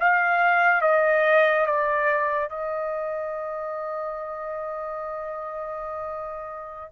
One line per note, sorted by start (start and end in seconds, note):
0.00 0.82 F5
0.82 1.66 D#5
1.66 2.50 D5
2.50 6.92 D#5